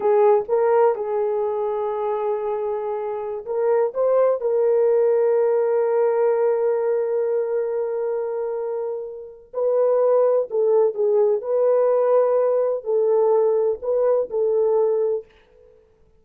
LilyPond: \new Staff \with { instrumentName = "horn" } { \time 4/4 \tempo 4 = 126 gis'4 ais'4 gis'2~ | gis'2.~ gis'16 ais'8.~ | ais'16 c''4 ais'2~ ais'8.~ | ais'1~ |
ais'1 | b'2 a'4 gis'4 | b'2. a'4~ | a'4 b'4 a'2 | }